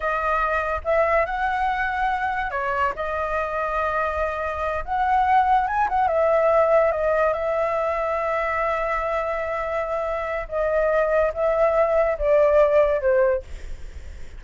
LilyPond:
\new Staff \with { instrumentName = "flute" } { \time 4/4 \tempo 4 = 143 dis''2 e''4 fis''4~ | fis''2 cis''4 dis''4~ | dis''2.~ dis''8 fis''8~ | fis''4. gis''8 fis''8 e''4.~ |
e''8 dis''4 e''2~ e''8~ | e''1~ | e''4 dis''2 e''4~ | e''4 d''2 c''4 | }